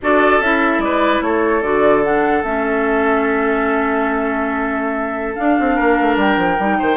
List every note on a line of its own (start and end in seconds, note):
0.02 0.40 D4
0.02 0.42 F#4
0.02 0.83 A4
0.02 0.41 D5
0.40 0.78 C#4
0.40 1.63 E4
0.40 0.80 E5
0.78 1.19 G#3
0.78 1.24 B4
0.78 1.20 D5
1.21 1.61 A3
1.21 5.75 A4
1.21 1.62 C#5
1.61 2.43 D3
1.61 2.02 F#4
1.61 2.03 D5
2.02 2.43 D4
2.02 2.43 F#5
2.43 5.37 A3
2.43 5.36 C#4
2.43 5.35 E5
5.35 6.58 D4
5.35 5.58 D4
5.35 6.16 F5
5.59 5.79 C4
5.75 5.99 A#3
5.75 6.77 A#4
6.01 6.16 A3
6.16 6.36 G3
6.16 6.96 G5
6.36 6.57 F3
6.58 6.79 G3
6.58 6.96 D#4
6.78 6.96 D#3
6.78 6.96 C5